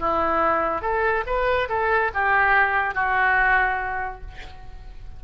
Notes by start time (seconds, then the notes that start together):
0.00 E4
0.82 A4
1.27 B4
1.69 A4
2.14 G4
2.95 F#4